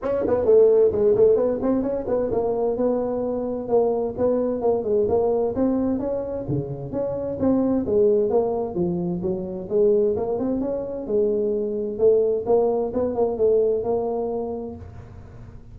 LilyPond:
\new Staff \with { instrumentName = "tuba" } { \time 4/4 \tempo 4 = 130 cis'8 b8 a4 gis8 a8 b8 c'8 | cis'8 b8 ais4 b2 | ais4 b4 ais8 gis8 ais4 | c'4 cis'4 cis4 cis'4 |
c'4 gis4 ais4 f4 | fis4 gis4 ais8 c'8 cis'4 | gis2 a4 ais4 | b8 ais8 a4 ais2 | }